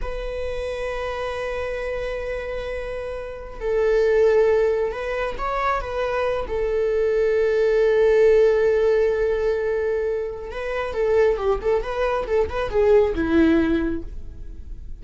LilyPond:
\new Staff \with { instrumentName = "viola" } { \time 4/4 \tempo 4 = 137 b'1~ | b'1~ | b'16 a'2. b'8.~ | b'16 cis''4 b'4. a'4~ a'16~ |
a'1~ | a'1 | b'4 a'4 g'8 a'8 b'4 | a'8 b'8 gis'4 e'2 | }